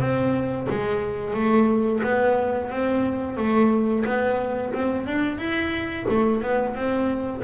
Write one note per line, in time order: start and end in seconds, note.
0.00 0.67 C4
0.69 1.34 G#3
1.34 2.01 A3
2.03 2.70 B3
2.70 3.37 C4
3.37 4.04 A3
4.05 4.73 B3
4.73 5.06 C4
5.06 5.38 D4
5.38 6.06 E4
6.09 6.42 A3
6.42 6.75 B3
6.75 7.42 C4